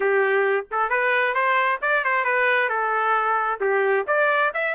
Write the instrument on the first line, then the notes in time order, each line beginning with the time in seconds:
trumpet
0.00 G4
0.71 A4
0.89 B4
1.34 C5
1.81 D5
2.04 C5
2.24 B4
2.69 A4
3.60 G4
4.07 D5
4.54 E5